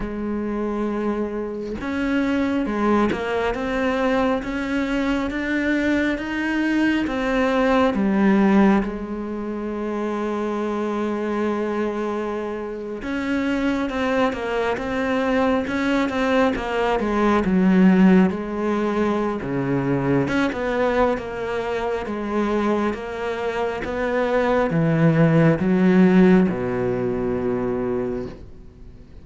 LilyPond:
\new Staff \with { instrumentName = "cello" } { \time 4/4 \tempo 4 = 68 gis2 cis'4 gis8 ais8 | c'4 cis'4 d'4 dis'4 | c'4 g4 gis2~ | gis2~ gis8. cis'4 c'16~ |
c'16 ais8 c'4 cis'8 c'8 ais8 gis8 fis16~ | fis8. gis4~ gis16 cis4 cis'16 b8. | ais4 gis4 ais4 b4 | e4 fis4 b,2 | }